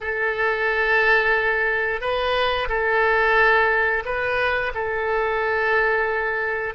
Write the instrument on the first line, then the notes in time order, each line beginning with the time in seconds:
oboe
0.01 A4
2.00 B4
2.68 A4
4.04 B4
4.74 A4